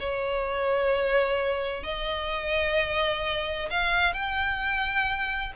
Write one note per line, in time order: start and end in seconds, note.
0.00 1.84 C#5
1.84 3.70 D#5
3.71 4.14 F5
4.14 5.53 G5